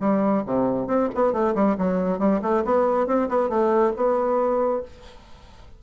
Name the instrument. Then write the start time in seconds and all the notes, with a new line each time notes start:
bassoon
0.00 G3
0.46 C3
0.87 C4
1.15 B3
1.33 A3
1.54 G3
1.78 F#3
2.19 G3
2.42 A3
2.65 B3
3.06 C4
3.28 B3
3.49 A3
3.96 B3